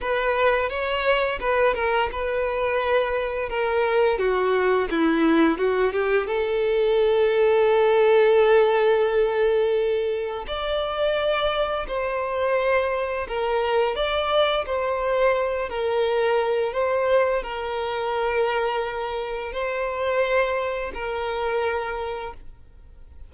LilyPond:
\new Staff \with { instrumentName = "violin" } { \time 4/4 \tempo 4 = 86 b'4 cis''4 b'8 ais'8 b'4~ | b'4 ais'4 fis'4 e'4 | fis'8 g'8 a'2.~ | a'2. d''4~ |
d''4 c''2 ais'4 | d''4 c''4. ais'4. | c''4 ais'2. | c''2 ais'2 | }